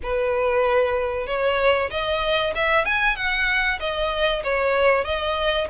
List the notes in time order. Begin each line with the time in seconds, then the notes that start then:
0.02 B4
1.27 C#5
1.90 D#5
2.55 E5
2.85 G#5
3.16 F#5
3.79 D#5
4.43 C#5
5.04 D#5